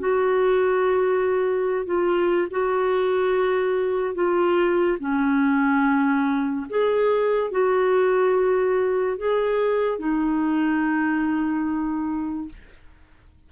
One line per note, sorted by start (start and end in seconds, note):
0.00 1.86 F#4
1.86 2.48 F4
2.51 4.15 F#4
4.15 4.98 F4
5.00 6.67 C#4
6.70 7.51 G#4
7.51 9.18 F#4
9.18 9.99 G#4
9.99 12.49 D#4